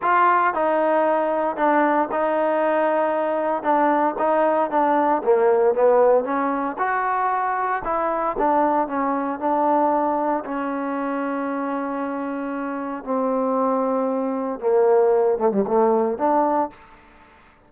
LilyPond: \new Staff \with { instrumentName = "trombone" } { \time 4/4 \tempo 4 = 115 f'4 dis'2 d'4 | dis'2. d'4 | dis'4 d'4 ais4 b4 | cis'4 fis'2 e'4 |
d'4 cis'4 d'2 | cis'1~ | cis'4 c'2. | ais4. a16 g16 a4 d'4 | }